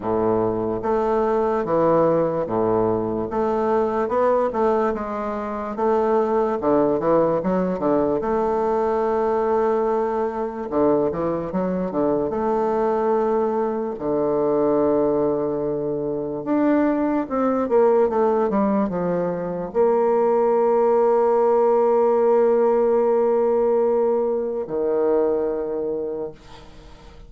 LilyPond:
\new Staff \with { instrumentName = "bassoon" } { \time 4/4 \tempo 4 = 73 a,4 a4 e4 a,4 | a4 b8 a8 gis4 a4 | d8 e8 fis8 d8 a2~ | a4 d8 e8 fis8 d8 a4~ |
a4 d2. | d'4 c'8 ais8 a8 g8 f4 | ais1~ | ais2 dis2 | }